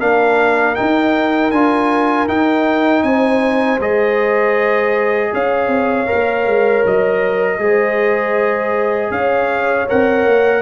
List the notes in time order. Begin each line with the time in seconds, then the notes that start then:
0.00 A#3 D4 A#4 F5
0.75 D#4 G5
1.51 D4 F4 G#5
2.28 D#4 G5
3.03 C4 C5 G#5
3.80 G#3 G#4 D#5
5.34 C#4 C#5 F5
5.67 C4
6.07 A#4
6.14 A#3
6.46 G#3
6.85 F#3 D#5
7.58 G#3 G#4 C5
9.11 C#4 C#5 F5
9.88 C4 A#4 F#5
10.26 A#3